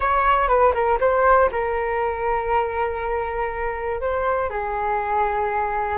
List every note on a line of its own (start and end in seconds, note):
0.00 0.47 C#5
0.47 0.72 B4
0.73 0.98 A#4
1.00 1.50 C5
1.51 4.00 A#4
4.00 4.50 C5
4.50 5.98 G#4